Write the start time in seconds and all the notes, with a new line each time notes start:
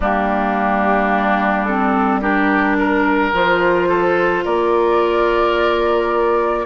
0.00 G3 A#3 D4 G4
1.64 C4 A4
2.21 D4 G4 A#4
2.78 A#4
3.32 F3 F4 C5
3.88 A4
4.44 A#3 A#4 D5